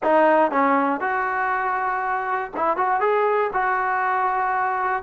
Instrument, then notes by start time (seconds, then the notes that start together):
trombone
0.03 D#4
0.51 C#4
1.00 F#4
2.56 E4
2.76 F#4
3.00 G#4
3.53 F#4